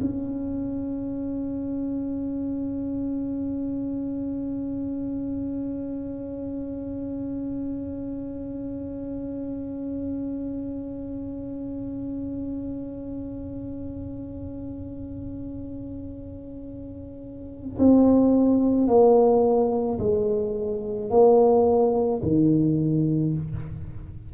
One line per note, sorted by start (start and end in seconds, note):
0.00 17.78 C#4
17.79 18.87 C4
18.87 19.98 A#3
19.99 21.10 G#3
21.10 22.21 A#3
22.22 23.33 D#3